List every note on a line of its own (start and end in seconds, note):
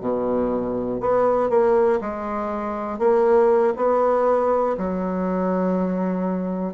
0.00 1.00 B2
1.00 1.49 B3
1.49 1.99 A#3
2.00 2.98 G#3
2.98 3.73 A#3
3.76 4.76 B3
4.77 6.73 F#3